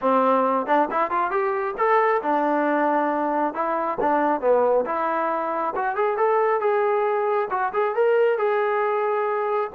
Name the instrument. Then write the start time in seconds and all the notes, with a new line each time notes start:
trombone
0.01 C4
0.66 D4
0.90 E4
1.10 F4
1.30 G4
1.77 A4
2.22 D4
3.54 E4
4.00 D4
4.40 B3
4.85 E4
5.75 F#4
5.95 G#4
6.17 A4
6.60 G#4
7.50 F#4
7.73 G#4
7.95 A#4
8.38 G#4